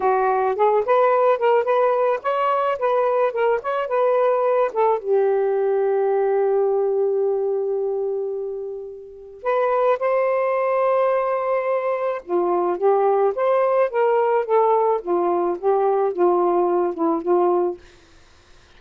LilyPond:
\new Staff \with { instrumentName = "saxophone" } { \time 4/4 \tempo 4 = 108 fis'4 gis'8 b'4 ais'8 b'4 | cis''4 b'4 ais'8 cis''8 b'4~ | b'8 a'8 g'2.~ | g'1~ |
g'4 b'4 c''2~ | c''2 f'4 g'4 | c''4 ais'4 a'4 f'4 | g'4 f'4. e'8 f'4 | }